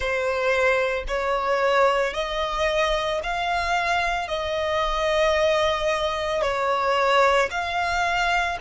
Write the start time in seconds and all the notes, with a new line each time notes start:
0.00 C5
1.07 C#5
2.13 D#5
3.23 F5
4.28 D#5
6.42 C#5
7.50 F5